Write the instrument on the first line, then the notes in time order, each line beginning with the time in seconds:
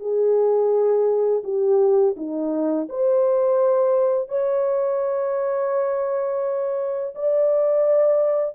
horn
0.00 G#4
1.44 G4
2.17 D#4
2.89 C5
4.29 C#5
7.15 D5